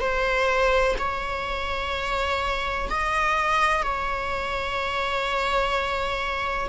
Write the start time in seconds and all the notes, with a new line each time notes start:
0.00 C5
0.98 C#5
2.90 D#5
3.82 C#5